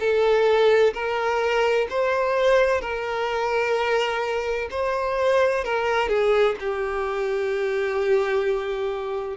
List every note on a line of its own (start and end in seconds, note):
0.00 0.94 A4
0.94 1.88 A#4
1.90 2.81 C5
2.81 4.69 A#4
4.71 5.65 C5
5.65 6.09 A#4
6.09 6.56 G#4
6.61 9.37 G4